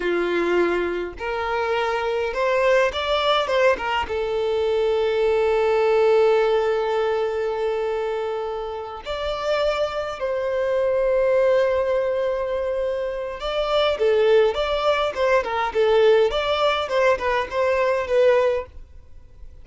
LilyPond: \new Staff \with { instrumentName = "violin" } { \time 4/4 \tempo 4 = 103 f'2 ais'2 | c''4 d''4 c''8 ais'8 a'4~ | a'1~ | a'2.~ a'8 d''8~ |
d''4. c''2~ c''8~ | c''2. d''4 | a'4 d''4 c''8 ais'8 a'4 | d''4 c''8 b'8 c''4 b'4 | }